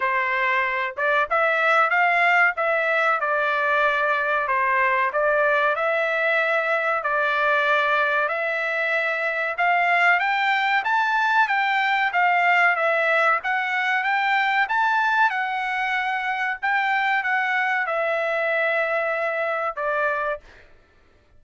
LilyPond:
\new Staff \with { instrumentName = "trumpet" } { \time 4/4 \tempo 4 = 94 c''4. d''8 e''4 f''4 | e''4 d''2 c''4 | d''4 e''2 d''4~ | d''4 e''2 f''4 |
g''4 a''4 g''4 f''4 | e''4 fis''4 g''4 a''4 | fis''2 g''4 fis''4 | e''2. d''4 | }